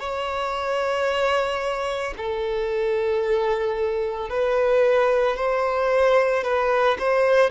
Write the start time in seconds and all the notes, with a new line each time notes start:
0.00 C#5
2.17 A4
4.30 B4
5.36 C5
6.44 B4
6.99 C5